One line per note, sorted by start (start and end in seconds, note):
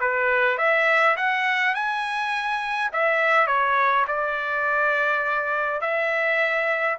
0.00 0.57 B4
0.57 1.16 E5
1.16 1.74 F#5
1.74 2.91 G#5
2.92 3.47 E5
3.47 4.05 C#5
4.07 5.81 D5
5.81 6.97 E5